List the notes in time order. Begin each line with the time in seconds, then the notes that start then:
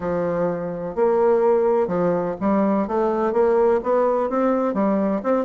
0.00 F3
0.95 A#3
1.87 F3
2.40 G3
2.87 A3
3.32 A#3
3.83 B3
4.29 C4
4.74 G3
5.23 C4